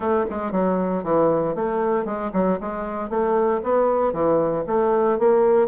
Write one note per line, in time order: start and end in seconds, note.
0.00 0.25 A3
0.30 0.51 G#3
0.51 1.03 F#3
1.03 1.55 E3
1.55 2.05 A3
2.05 2.30 G#3
2.33 2.59 F#3
2.60 3.09 G#3
3.09 3.61 A3
3.63 4.12 B3
4.12 4.64 E3
4.66 5.18 A3
5.18 5.68 A#3